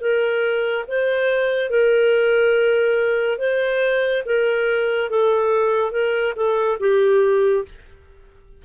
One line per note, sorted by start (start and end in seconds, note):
0.00 0.85 A#4
0.88 1.69 C5
1.69 3.38 A#4
3.38 4.23 C5
4.25 5.10 A#4
5.10 5.91 A4
5.91 6.33 A#4
6.35 6.78 A4
6.80 7.64 G4